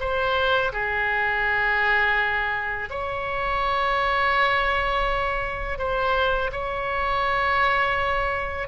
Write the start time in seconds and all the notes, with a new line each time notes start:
0.00 C5
0.73 G#4
2.90 C#5
5.79 C5
6.52 C#5